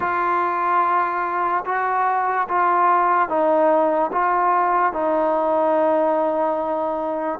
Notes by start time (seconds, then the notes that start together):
0.00 F4
1.65 F#4
2.48 F4
3.28 D#4
4.11 F4
4.92 D#4